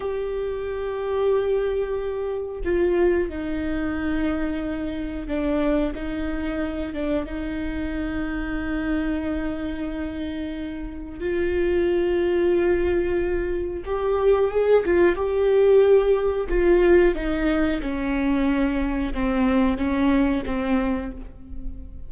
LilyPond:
\new Staff \with { instrumentName = "viola" } { \time 4/4 \tempo 4 = 91 g'1 | f'4 dis'2. | d'4 dis'4. d'8 dis'4~ | dis'1~ |
dis'4 f'2.~ | f'4 g'4 gis'8 f'8 g'4~ | g'4 f'4 dis'4 cis'4~ | cis'4 c'4 cis'4 c'4 | }